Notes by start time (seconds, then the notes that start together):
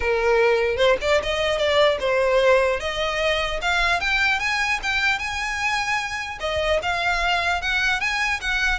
0.00 A#4
0.77 C5
1.01 D5
1.22 D#5
1.58 D5
1.99 C5
2.80 D#5
3.61 F5
4.00 G5
4.39 G#5
4.82 G5
5.18 G#5
6.40 D#5
6.82 F5
7.61 F#5
8.00 G#5
8.40 F#5